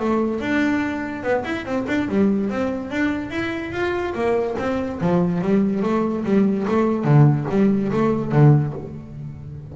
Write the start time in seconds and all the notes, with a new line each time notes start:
0.00 A3
0.40 D4
1.23 B3
1.45 E4
1.66 C4
1.88 D4
2.09 G3
2.50 C4
2.91 D4
3.30 E4
3.72 F4
4.15 A#3
4.59 C4
5.01 F3
5.41 G3
5.83 A3
6.25 G3
6.68 A3
7.04 D3
7.50 G3
7.92 A3
8.32 D3